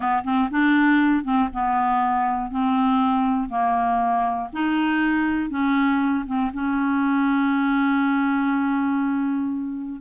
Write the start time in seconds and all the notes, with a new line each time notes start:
0.00 B3
0.24 C4
0.50 D4
1.24 C4
1.53 B3
2.50 C4
3.49 A#3
4.52 D#4
5.50 C#4
6.26 C4
6.53 C#4